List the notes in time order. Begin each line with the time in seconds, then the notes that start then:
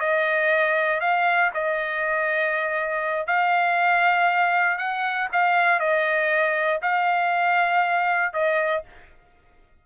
0.00 D#5
1.01 F5
1.54 D#5
3.27 F5
4.78 F#5
5.32 F5
5.80 D#5
6.82 F5
8.34 D#5